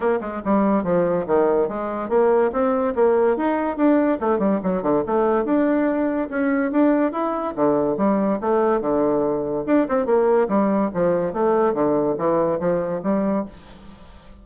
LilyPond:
\new Staff \with { instrumentName = "bassoon" } { \time 4/4 \tempo 4 = 143 ais8 gis8 g4 f4 dis4 | gis4 ais4 c'4 ais4 | dis'4 d'4 a8 g8 fis8 d8 | a4 d'2 cis'4 |
d'4 e'4 d4 g4 | a4 d2 d'8 c'8 | ais4 g4 f4 a4 | d4 e4 f4 g4 | }